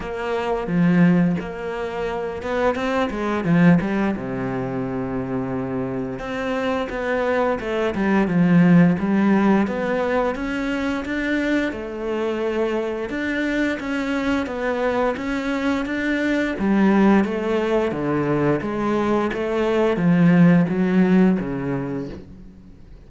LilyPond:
\new Staff \with { instrumentName = "cello" } { \time 4/4 \tempo 4 = 87 ais4 f4 ais4. b8 | c'8 gis8 f8 g8 c2~ | c4 c'4 b4 a8 g8 | f4 g4 b4 cis'4 |
d'4 a2 d'4 | cis'4 b4 cis'4 d'4 | g4 a4 d4 gis4 | a4 f4 fis4 cis4 | }